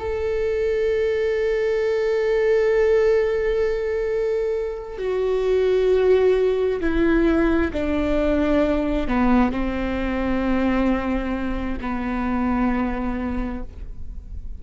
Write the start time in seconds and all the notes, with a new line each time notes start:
0.00 A4
4.98 F#4
6.81 E4
7.73 D4
9.08 B3
9.52 C4
11.81 B3